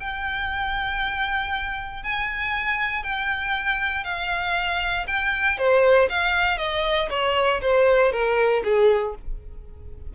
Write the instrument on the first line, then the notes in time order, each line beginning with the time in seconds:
violin
0.00 G5
2.03 G#5
3.03 G5
4.04 F5
5.07 G5
5.58 C5
6.09 F5
6.58 D#5
7.10 C#5
7.61 C5
8.12 A#4
8.64 G#4